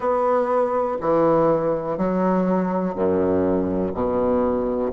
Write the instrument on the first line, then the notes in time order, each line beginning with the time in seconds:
bassoon
0.00 B3
1.00 E3
1.97 F#3
2.94 F#2
3.93 B2